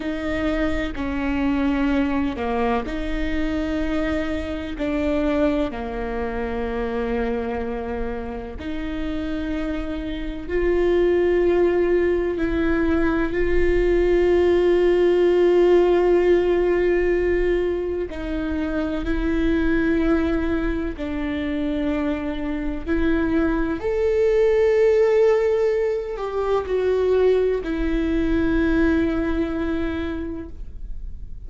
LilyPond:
\new Staff \with { instrumentName = "viola" } { \time 4/4 \tempo 4 = 63 dis'4 cis'4. ais8 dis'4~ | dis'4 d'4 ais2~ | ais4 dis'2 f'4~ | f'4 e'4 f'2~ |
f'2. dis'4 | e'2 d'2 | e'4 a'2~ a'8 g'8 | fis'4 e'2. | }